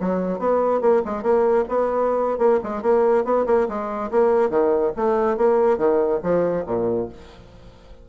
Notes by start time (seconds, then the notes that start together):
0.00 F#3
0.39 B3
0.81 A#3
1.05 G#3
1.22 A#3
1.68 B3
2.38 A#3
2.63 G#3
2.82 A#3
3.25 B3
3.46 A#3
3.68 G#3
4.11 A#3
4.49 D#3
4.96 A3
5.37 A#3
5.77 D#3
6.23 F3
6.66 A#2